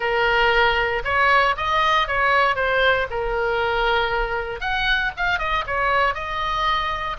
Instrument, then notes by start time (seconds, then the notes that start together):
oboe
0.00 A#4
1.04 C#5
1.56 D#5
2.07 C#5
2.55 C5
3.10 A#4
4.60 F#5
5.16 F5
5.38 D#5
5.66 C#5
6.14 D#5